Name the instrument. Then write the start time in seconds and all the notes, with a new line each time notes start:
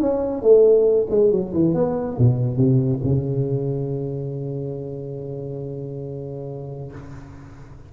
tuba
0.00 C#4
0.42 A3
1.10 G#3
1.31 F#3
1.53 E3
1.74 B3
2.18 B2
2.57 C3
3.03 C#3